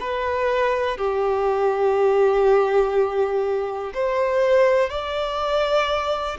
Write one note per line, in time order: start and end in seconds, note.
0.00 0.97 B4
0.97 3.93 G4
3.94 4.90 C5
4.90 6.38 D5